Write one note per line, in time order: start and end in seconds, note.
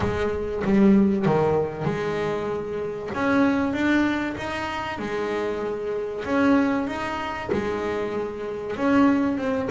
0.00 0.62 G#3
0.64 1.25 G3
1.25 1.84 D#3
1.84 3.09 G#3
3.14 3.73 C#4
3.73 4.35 D4
4.37 4.98 D#4
4.98 6.23 G#3
6.24 6.87 C#4
6.87 7.49 D#4
7.52 8.76 G#3
8.76 9.37 C#4
9.37 9.68 C4